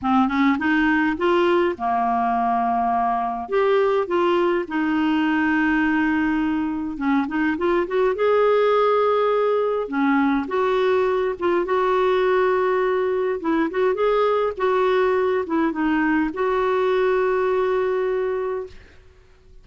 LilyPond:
\new Staff \with { instrumentName = "clarinet" } { \time 4/4 \tempo 4 = 103 c'8 cis'8 dis'4 f'4 ais4~ | ais2 g'4 f'4 | dis'1 | cis'8 dis'8 f'8 fis'8 gis'2~ |
gis'4 cis'4 fis'4. f'8 | fis'2. e'8 fis'8 | gis'4 fis'4. e'8 dis'4 | fis'1 | }